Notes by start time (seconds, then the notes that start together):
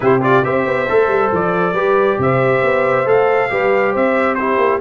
0.00 C3 E4 G4 C5
0.21 F4 D5
0.43 C4 G4 C5 E5
0.66 B3
0.89 A3 A4
1.07 G3
1.32 F3 D5
1.72 G3 G4 B4
2.18 C3 C5 E5
2.62 B3
3.05 A3 A4 F5
3.49 G3 G4 B4
3.92 C4 C5 E5
4.34 E4 G4 C5
4.57 A#3